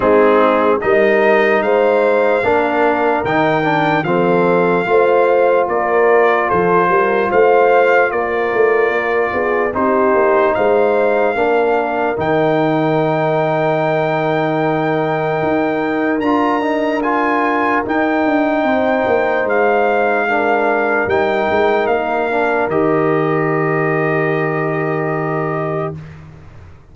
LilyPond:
<<
  \new Staff \with { instrumentName = "trumpet" } { \time 4/4 \tempo 4 = 74 gis'4 dis''4 f''2 | g''4 f''2 d''4 | c''4 f''4 d''2 | c''4 f''2 g''4~ |
g''1 | ais''4 gis''4 g''2 | f''2 g''4 f''4 | dis''1 | }
  \new Staff \with { instrumentName = "horn" } { \time 4/4 dis'4 ais'4 c''4 ais'4~ | ais'4 a'4 c''4 ais'4 | a'8 ais'8 c''4 ais'4. gis'8 | g'4 c''4 ais'2~ |
ais'1~ | ais'2. c''4~ | c''4 ais'2.~ | ais'1 | }
  \new Staff \with { instrumentName = "trombone" } { \time 4/4 c'4 dis'2 d'4 | dis'8 d'8 c'4 f'2~ | f'1 | dis'2 d'4 dis'4~ |
dis'1 | f'8 dis'8 f'4 dis'2~ | dis'4 d'4 dis'4. d'8 | g'1 | }
  \new Staff \with { instrumentName = "tuba" } { \time 4/4 gis4 g4 gis4 ais4 | dis4 f4 a4 ais4 | f8 g8 a4 ais8 a8 ais8 b8 | c'8 ais8 gis4 ais4 dis4~ |
dis2. dis'4 | d'2 dis'8 d'8 c'8 ais8 | gis2 g8 gis8 ais4 | dis1 | }
>>